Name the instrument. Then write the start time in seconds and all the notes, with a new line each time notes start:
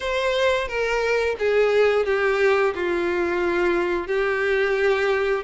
violin
0.00 C5
0.68 A#4
1.39 G#4
2.05 G4
2.74 F4
4.07 G4